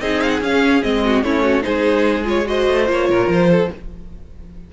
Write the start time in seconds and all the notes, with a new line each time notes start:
0.00 C4 D#4 G#4 D#5
0.21 F5
0.29 F#5
0.40 C#4 F5
0.83 G#3 C4 D#5
1.05 F#4
1.22 A3 C#4 E4 C#5
1.42 F#4
1.61 G#3 D#4 G#4 C5
2.24 F4 C#5
2.45 F#4 C5 D#5
2.68 A3
2.87 A#3 F4 C#5
3.09 A#2 A#4
3.27 F3 C5
3.51 A4